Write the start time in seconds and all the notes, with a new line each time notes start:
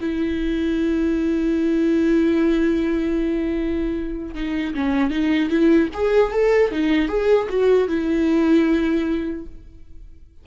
0.00 E4
4.34 D#4
4.74 C#4
5.10 D#4
5.49 E4
5.93 G#4
6.32 A4
6.71 D#4
7.08 G#4
7.49 F#4
7.88 E4